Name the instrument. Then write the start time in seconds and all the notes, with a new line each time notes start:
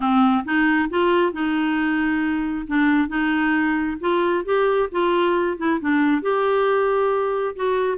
clarinet
0.00 C4
0.44 D#4
0.89 F4
1.33 D#4
2.67 D4
3.08 D#4
4.00 F4
4.44 G4
4.91 F4
5.57 E4
5.80 D4
6.22 G4
7.55 F#4